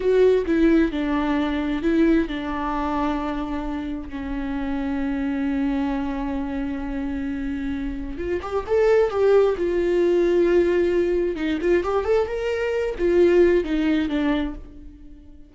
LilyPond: \new Staff \with { instrumentName = "viola" } { \time 4/4 \tempo 4 = 132 fis'4 e'4 d'2 | e'4 d'2.~ | d'4 cis'2.~ | cis'1~ |
cis'2 f'8 g'8 a'4 | g'4 f'2.~ | f'4 dis'8 f'8 g'8 a'8 ais'4~ | ais'8 f'4. dis'4 d'4 | }